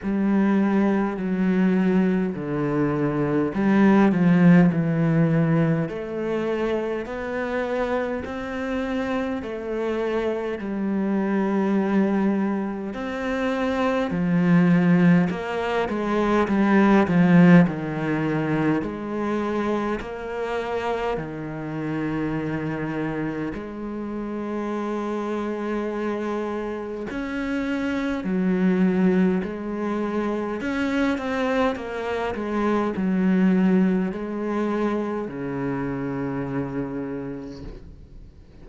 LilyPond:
\new Staff \with { instrumentName = "cello" } { \time 4/4 \tempo 4 = 51 g4 fis4 d4 g8 f8 | e4 a4 b4 c'4 | a4 g2 c'4 | f4 ais8 gis8 g8 f8 dis4 |
gis4 ais4 dis2 | gis2. cis'4 | fis4 gis4 cis'8 c'8 ais8 gis8 | fis4 gis4 cis2 | }